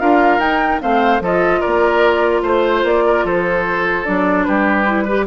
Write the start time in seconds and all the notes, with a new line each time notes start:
0.00 D4 F4 A#4 F5
0.39 D#4 G5
0.81 A3 C4 C5 F5
1.20 F3 F4 A4 D#5
1.60 A#4 D5
1.66 A#3
2.43 A3 C5
2.83 A#3 D5
3.06 A#4
3.24 F3 A4 C5
4.05 F#3 D4 D5
4.44 G3 G4 B4
4.86 E4
5.04 G4 B4